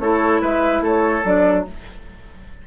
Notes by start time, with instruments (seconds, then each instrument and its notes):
0.00 bassoon A3, clarinet E4, oboe A4, flute C#5
0.42 bassoon G#3, oboe B4, flute E5
0.81 bassoon A3, oboe A4, flute C#5
1.24 bassoon F#3, clarinet D4, flute D5